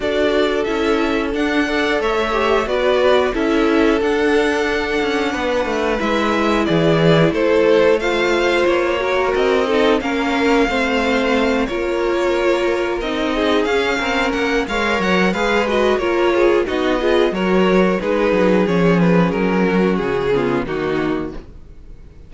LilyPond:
<<
  \new Staff \with { instrumentName = "violin" } { \time 4/4 \tempo 4 = 90 d''4 e''4 fis''4 e''4 | d''4 e''4 fis''2~ | fis''4 e''4 d''4 c''4 | f''4 cis''4 dis''4 f''4~ |
f''4. cis''2 dis''8~ | dis''8 f''4 fis''8 f''8 fis''8 f''8 dis''8 | cis''4 dis''4 cis''4 b'4 | cis''8 b'8 ais'4 gis'4 fis'4 | }
  \new Staff \with { instrumentName = "violin" } { \time 4/4 a'2~ a'8 d''8 cis''4 | b'4 a'2. | b'2 gis'4 a'4 | c''4. ais'4 a'8 ais'4 |
c''4. ais'2~ ais'8 | gis'4 ais'4 cis''4 b'4 | ais'8 gis'8 fis'8 gis'8 ais'4 gis'4~ | gis'4. fis'4 f'8 dis'4 | }
  \new Staff \with { instrumentName = "viola" } { \time 4/4 fis'4 e'4 d'8 a'4 g'8 | fis'4 e'4 d'2~ | d'4 e'2. | f'4. fis'4 dis'8 cis'4 |
c'4. f'2 dis'8~ | dis'8 cis'4. ais'4 gis'8 fis'8 | f'4 dis'8 f'8 fis'4 dis'4 | cis'2~ cis'8 b8 ais4 | }
  \new Staff \with { instrumentName = "cello" } { \time 4/4 d'4 cis'4 d'4 a4 | b4 cis'4 d'4. cis'8 | b8 a8 gis4 e4 a4~ | a4 ais4 c'4 ais4 |
a4. ais2 c'8~ | c'8 cis'8 c'8 ais8 gis8 fis8 gis4 | ais4 b4 fis4 gis8 fis8 | f4 fis4 cis4 dis4 | }
>>